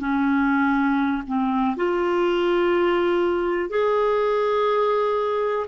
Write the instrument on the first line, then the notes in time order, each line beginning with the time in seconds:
clarinet
0.00 C#4
1.27 C4
1.77 F4
3.70 G#4